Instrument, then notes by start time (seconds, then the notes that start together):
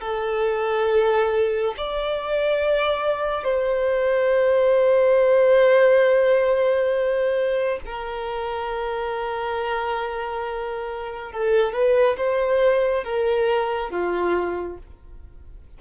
violin
0.00 A4
1.77 D5
3.44 C5
7.85 A#4
11.32 A4
11.72 B4
12.17 C5
13.04 A#4
13.90 F4